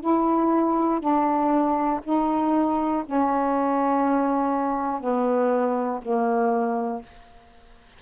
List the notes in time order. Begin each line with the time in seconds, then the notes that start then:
0.00 E4
1.00 D4
2.03 D#4
3.05 C#4
5.00 B3
6.02 A#3